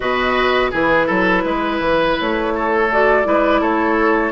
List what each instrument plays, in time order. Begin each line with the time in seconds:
0.00 bassoon B2, clarinet F#4, oboe B4, flute D#5
0.70 bassoon E3, clarinet E4, oboe G#4, flute B4
1.06 bassoon F#3, oboe A4
1.44 bassoon G#3, oboe B4
1.79 bassoon E3
2.20 bassoon A3, flute C#5
2.55 oboe A4
2.91 clarinet F#4, flute D5
3.24 bassoon G#3, clarinet E4, oboe B4
3.60 bassoon A3, oboe A4, flute C#5